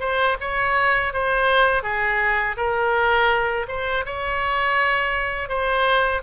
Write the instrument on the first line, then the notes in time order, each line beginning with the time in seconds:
oboe
0.00 C5
0.40 C#5
1.13 C5
1.83 G#4
2.57 A#4
3.68 C5
4.05 C#5
5.48 C5